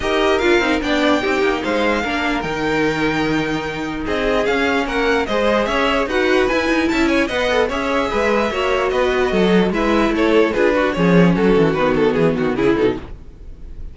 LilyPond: <<
  \new Staff \with { instrumentName = "violin" } { \time 4/4 \tempo 4 = 148 dis''4 f''4 g''2 | f''2 g''2~ | g''2 dis''4 f''4 | fis''4 dis''4 e''4 fis''4 |
gis''4 a''8 gis''8 fis''4 e''4~ | e''2 dis''2 | e''4 cis''4 b'4 cis''4 | a'4 b'8 a'8 gis'8 fis'8 gis'8 a'8 | }
  \new Staff \with { instrumentName = "violin" } { \time 4/4 ais'2 d''4 g'4 | c''4 ais'2.~ | ais'2 gis'2 | ais'4 c''4 cis''4 b'4~ |
b'4 e''8 cis''8 dis''4 cis''4 | b'4 cis''4 b'4 a'4 | b'4 a'4 gis'8 fis'8 gis'4 | fis'2. e'4 | }
  \new Staff \with { instrumentName = "viola" } { \time 4/4 g'4 f'8 dis'8 d'4 dis'4~ | dis'4 d'4 dis'2~ | dis'2. cis'4~ | cis'4 gis'2 fis'4 |
e'2 b'8 a'8 gis'4~ | gis'4 fis'2. | e'2 f'8 fis'8 cis'4~ | cis'4 b2 e'8 dis'8 | }
  \new Staff \with { instrumentName = "cello" } { \time 4/4 dis'4 d'8 c'8 b4 c'8 ais8 | gis4 ais4 dis2~ | dis2 c'4 cis'4 | ais4 gis4 cis'4 dis'4 |
e'8 dis'8 cis'4 b4 cis'4 | gis4 ais4 b4 fis4 | gis4 a4 d'4 f4 | fis8 e8 dis4 e8 dis8 cis8 b,8 | }
>>